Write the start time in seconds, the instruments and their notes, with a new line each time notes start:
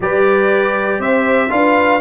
0.00 tuba G3, trombone G4, horn B4, trumpet D5
0.98 tuba C4, horn C5, trumpet E5
1.49 tuba D4, trombone F4, horn B4, trumpet F5